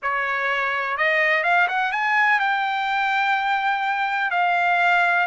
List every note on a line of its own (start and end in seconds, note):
0.02 0.97 C#5
0.97 1.43 D#5
1.43 1.67 F5
1.68 1.91 F#5
1.91 2.39 G#5
2.39 4.30 G5
4.30 5.26 F5